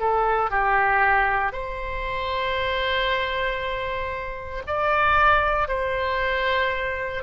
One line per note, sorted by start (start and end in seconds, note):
0.00 0.50 A4
0.50 1.52 G4
1.52 4.63 C5
4.67 5.68 D5
5.68 7.23 C5